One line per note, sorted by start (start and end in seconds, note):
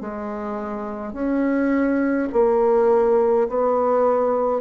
0.00 1.13 G#3
1.13 2.28 C#4
2.32 3.48 A#3
3.48 4.60 B3